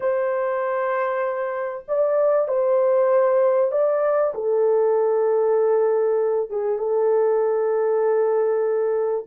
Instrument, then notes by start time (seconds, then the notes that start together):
horn
0.00 C5
1.88 D5
2.48 C5
3.71 D5
4.34 A4
6.49 G#4
6.78 A4